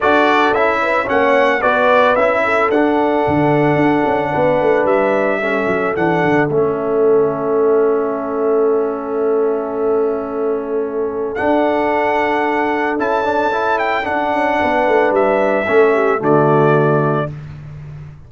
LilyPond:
<<
  \new Staff \with { instrumentName = "trumpet" } { \time 4/4 \tempo 4 = 111 d''4 e''4 fis''4 d''4 | e''4 fis''2.~ | fis''4 e''2 fis''4 | e''1~ |
e''1~ | e''4 fis''2. | a''4. g''8 fis''2 | e''2 d''2 | }
  \new Staff \with { instrumentName = "horn" } { \time 4/4 a'4. b'8 cis''4 b'4~ | b'8 a'2.~ a'8 | b'2 a'2~ | a'1~ |
a'1~ | a'1~ | a'2. b'4~ | b'4 a'8 g'8 fis'2 | }
  \new Staff \with { instrumentName = "trombone" } { \time 4/4 fis'4 e'4 cis'4 fis'4 | e'4 d'2.~ | d'2 cis'4 d'4 | cis'1~ |
cis'1~ | cis'4 d'2. | e'8 d'8 e'4 d'2~ | d'4 cis'4 a2 | }
  \new Staff \with { instrumentName = "tuba" } { \time 4/4 d'4 cis'4 ais4 b4 | cis'4 d'4 d4 d'8 cis'8 | b8 a8 g4. fis8 e8 d8 | a1~ |
a1~ | a4 d'2. | cis'2 d'8 cis'8 b8 a8 | g4 a4 d2 | }
>>